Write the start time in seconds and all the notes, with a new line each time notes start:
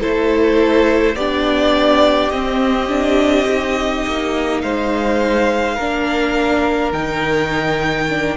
0.00 A3 E4 A4 C5
1.15 B3 D4 G4 D5
2.30 C4 D#5
2.87 D4
3.47 D#4
4.06 A#3
4.61 G#3 C5 F5
5.75 A#3 D4 A#4
6.92 D#3 D#4 G5
8.09 D4